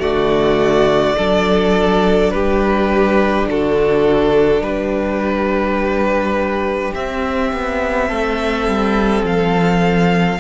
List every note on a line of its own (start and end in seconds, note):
0.00 1.17 D3
0.00 1.15 A3
0.00 1.16 F#4
0.00 2.31 D5
1.18 2.34 F#3
1.18 6.95 D4
1.18 2.33 A4
2.31 3.47 G3
2.31 3.49 G4
2.31 3.46 B4
3.47 4.61 D3
3.47 4.62 F#4
3.47 4.63 A4
4.61 6.92 G3
4.61 8.08 G4
4.61 6.94 B4
6.94 7.53 C4
6.94 10.40 C4
6.94 9.25 E5
7.53 8.11 B3
8.08 8.68 A3
8.08 10.39 A4
8.68 9.23 G3
9.23 10.39 F3
9.23 10.40 F5